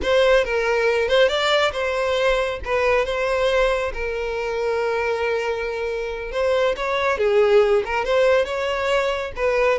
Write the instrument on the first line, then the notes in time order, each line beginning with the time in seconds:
violin
0.02 C5
0.44 A#4
1.08 C5
1.28 D5
1.72 C5
2.65 B4
3.05 C5
3.93 A#4
6.31 C5
6.76 C#5
7.18 G#4
7.85 A#4
8.04 C5
8.45 C#5
9.36 B4